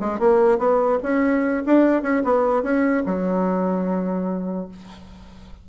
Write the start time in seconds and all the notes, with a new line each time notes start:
0.00 G#3
0.19 A#3
0.58 B3
1.03 C#4
1.66 D4
2.02 C#4
2.24 B3
2.62 C#4
3.06 F#3